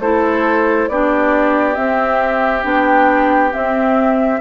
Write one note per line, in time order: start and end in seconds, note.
0.00 0.88 A3
0.00 0.91 E4
0.00 0.89 A4
0.00 0.88 C5
0.88 1.77 B3
0.88 1.75 D4
0.88 4.41 G4
0.88 1.75 D5
1.75 2.63 C4
1.75 2.65 C4
1.75 2.63 E5
2.63 3.53 B3
2.63 3.51 D4
2.63 3.53 G5
3.51 4.40 C4
3.51 4.41 C4
3.51 4.41 E5